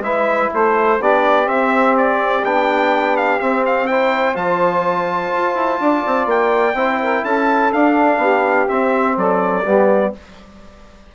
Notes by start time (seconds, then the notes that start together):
0.00 G#3 E4 B4 E5
0.54 A3 A4 C5
0.99 B3 D4 G4 D5
1.45 C4 E5
1.97 D5
2.43 B3 D4 G5
3.17 F5
3.40 C4 E5
3.66 F5
3.87 E4 C5 G5
4.34 F3 F4 A5
5.33 F4
5.54 E4
5.80 D4 D5
6.06 C4
6.26 A#3 G5
6.74 C4 E4 C5
7.02 A#4
7.23 C#4 A4 A5
7.72 D4 F5
8.18 B3 G4
8.68 C4 E5
9.16 F#3 A4 D5
9.64 G3 B3 G4